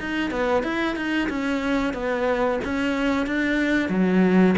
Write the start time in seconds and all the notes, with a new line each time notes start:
0.00 D#4
0.31 B3
0.63 E4
0.96 D#4
1.29 C#4
1.94 B3
2.64 C#4
3.26 D4
3.89 F#3